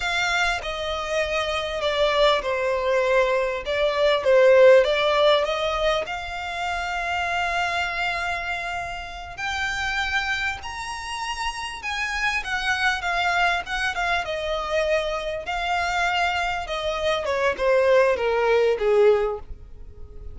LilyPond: \new Staff \with { instrumentName = "violin" } { \time 4/4 \tempo 4 = 99 f''4 dis''2 d''4 | c''2 d''4 c''4 | d''4 dis''4 f''2~ | f''2.~ f''8 g''8~ |
g''4. ais''2 gis''8~ | gis''8 fis''4 f''4 fis''8 f''8 dis''8~ | dis''4. f''2 dis''8~ | dis''8 cis''8 c''4 ais'4 gis'4 | }